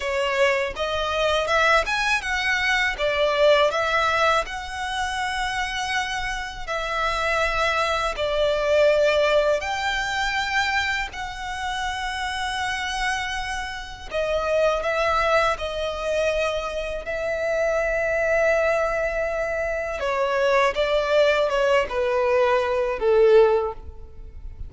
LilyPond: \new Staff \with { instrumentName = "violin" } { \time 4/4 \tempo 4 = 81 cis''4 dis''4 e''8 gis''8 fis''4 | d''4 e''4 fis''2~ | fis''4 e''2 d''4~ | d''4 g''2 fis''4~ |
fis''2. dis''4 | e''4 dis''2 e''4~ | e''2. cis''4 | d''4 cis''8 b'4. a'4 | }